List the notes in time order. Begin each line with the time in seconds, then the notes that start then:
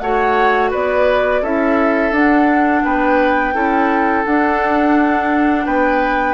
0.00 A3 F#4 C#5 F#5
0.71 B3 B4 D5
1.42 C#4 E4 A4 E5
2.11 D4 F#5
2.85 B3 B4 G5
3.54 C#4 E4 A4
4.25 D4 F#5
5.66 B3 B4 G5